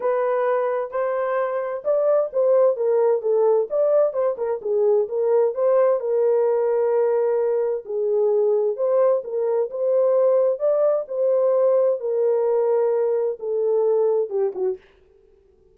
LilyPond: \new Staff \with { instrumentName = "horn" } { \time 4/4 \tempo 4 = 130 b'2 c''2 | d''4 c''4 ais'4 a'4 | d''4 c''8 ais'8 gis'4 ais'4 | c''4 ais'2.~ |
ais'4 gis'2 c''4 | ais'4 c''2 d''4 | c''2 ais'2~ | ais'4 a'2 g'8 fis'8 | }